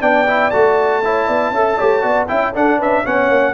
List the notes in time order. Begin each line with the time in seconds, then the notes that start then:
0.00 B3 D4 D5 G5
0.27 E4
0.50 A3 F#4 A5
1.04 E4 C#5
1.27 B3 D5
1.51 C#4 A4 E5
1.77 A3 G4 C#5
2.01 B3 F#4 D5
2.27 C#4 E4 E5 G5
2.54 D4 A4 F#5
2.78 C#4 B4 E5
3.04 B3 C#4 C#5 F#5
3.29 A#3